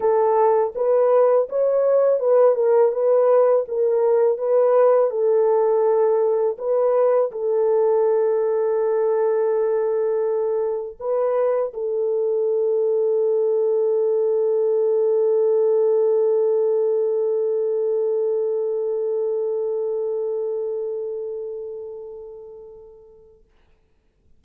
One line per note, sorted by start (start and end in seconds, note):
0.00 0.73 A4
0.75 1.48 B4
1.49 2.19 C#5
2.19 2.55 B4
2.55 2.91 A#4
2.92 3.65 B4
3.68 4.37 A#4
4.37 5.10 B4
5.10 6.57 A4
6.58 7.31 B4
7.31 10.97 A4
10.99 11.72 B4
11.73 23.44 A4